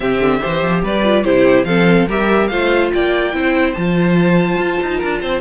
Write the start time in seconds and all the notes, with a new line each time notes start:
0.00 C3 C4 G4 E5
0.19 D3
0.40 E3 G4 C5
0.62 F3
0.83 G3 B4 D5
1.03 F4
1.24 C3 E4 G4 C5
1.64 F3 C4 A4 F5
2.07 G3 G4 A#4 E5
2.47 A3 F4 C5 F5
2.93 A#3 D5 G5
3.32 C4 E4 C5
3.73 F3 F4 A5
4.57 F4
4.82 D#4
4.97 D4 A#4
5.21 C4 C5